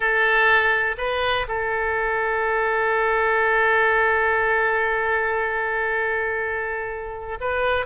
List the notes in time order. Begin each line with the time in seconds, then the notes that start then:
0.00 A4
0.97 B4
1.48 A4
7.40 B4